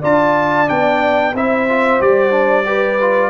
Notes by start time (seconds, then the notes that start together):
0.00 D4 F4 D5 A5
0.66 B3 D4 G5
1.34 C4 E4 C5 E5
1.69 F4
1.99 G3 G4 D5
2.30 D4
2.65 G4 B4
3.01 F4